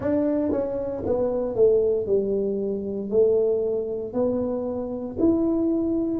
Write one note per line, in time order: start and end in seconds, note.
0.00 0.51 D4
0.51 1.03 C#4
1.05 1.55 B3
1.55 2.06 A3
2.06 3.09 G3
3.10 4.13 A3
4.13 5.16 B3
5.19 6.20 E4